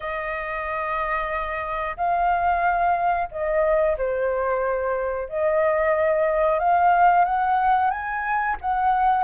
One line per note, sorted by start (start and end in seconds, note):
0.00 1.96 D#5
1.96 3.28 F5
3.31 3.97 D#5
3.97 5.28 C5
5.28 6.59 D#5
6.59 7.25 F5
7.25 7.90 F#5
7.90 8.56 G#5
8.61 9.23 F#5